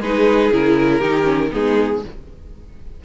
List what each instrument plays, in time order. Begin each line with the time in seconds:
0.00 cello G#3, viola D#4, violin G#4 B4
0.51 cello C#3, viola E4, violin A#4
0.98 cello D#3, viola D#4, violin G4
1.23 viola C#4
1.51 cello G#3, viola B3, violin D#4 G#4